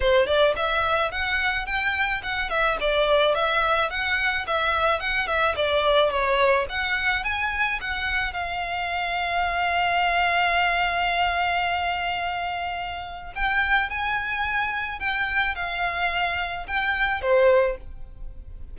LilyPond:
\new Staff \with { instrumentName = "violin" } { \time 4/4 \tempo 4 = 108 c''8 d''8 e''4 fis''4 g''4 | fis''8 e''8 d''4 e''4 fis''4 | e''4 fis''8 e''8 d''4 cis''4 | fis''4 gis''4 fis''4 f''4~ |
f''1~ | f''1 | g''4 gis''2 g''4 | f''2 g''4 c''4 | }